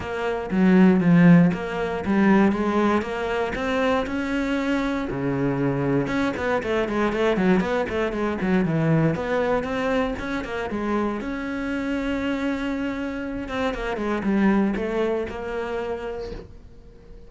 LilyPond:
\new Staff \with { instrumentName = "cello" } { \time 4/4 \tempo 4 = 118 ais4 fis4 f4 ais4 | g4 gis4 ais4 c'4 | cis'2 cis2 | cis'8 b8 a8 gis8 a8 fis8 b8 a8 |
gis8 fis8 e4 b4 c'4 | cis'8 ais8 gis4 cis'2~ | cis'2~ cis'8 c'8 ais8 gis8 | g4 a4 ais2 | }